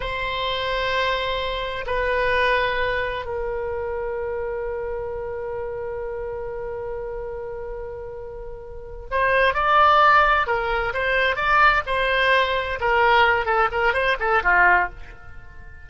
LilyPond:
\new Staff \with { instrumentName = "oboe" } { \time 4/4 \tempo 4 = 129 c''1 | b'2. ais'4~ | ais'1~ | ais'1~ |
ais'2.~ ais'8 c''8~ | c''8 d''2 ais'4 c''8~ | c''8 d''4 c''2 ais'8~ | ais'4 a'8 ais'8 c''8 a'8 f'4 | }